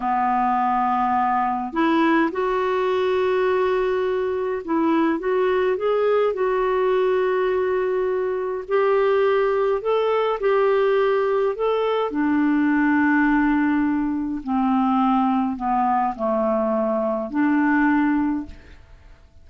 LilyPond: \new Staff \with { instrumentName = "clarinet" } { \time 4/4 \tempo 4 = 104 b2. e'4 | fis'1 | e'4 fis'4 gis'4 fis'4~ | fis'2. g'4~ |
g'4 a'4 g'2 | a'4 d'2.~ | d'4 c'2 b4 | a2 d'2 | }